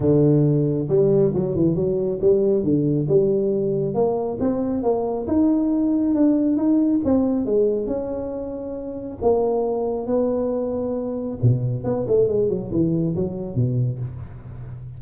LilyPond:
\new Staff \with { instrumentName = "tuba" } { \time 4/4 \tempo 4 = 137 d2 g4 fis8 e8 | fis4 g4 d4 g4~ | g4 ais4 c'4 ais4 | dis'2 d'4 dis'4 |
c'4 gis4 cis'2~ | cis'4 ais2 b4~ | b2 b,4 b8 a8 | gis8 fis8 e4 fis4 b,4 | }